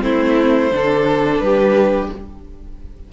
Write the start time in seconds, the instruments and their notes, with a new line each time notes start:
0.00 cello A3, viola C4, violin E4 C5
0.72 cello D3, viola D4, violin A4
1.40 cello G3, violin G4 B4